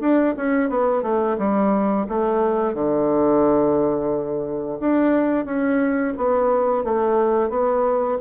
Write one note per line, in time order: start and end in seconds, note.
0.00 0.34 D4
0.37 0.69 C#4
0.69 1.02 B3
1.02 1.36 A3
1.38 2.06 G3
2.09 2.74 A3
2.74 4.78 D3
4.80 5.45 D4
5.45 6.13 C#4
6.17 6.83 B3
6.83 7.49 A3
7.49 8.17 B3